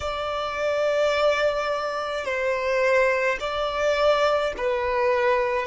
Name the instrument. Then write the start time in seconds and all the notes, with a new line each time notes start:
violin
0.00 D5
2.24 C5
3.40 D5
4.57 B4